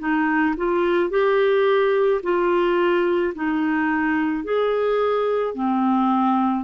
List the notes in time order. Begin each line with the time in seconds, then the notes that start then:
0.00 D#4
0.58 F4
1.11 G4
2.23 F4
3.35 D#4
4.45 G#4
5.55 C4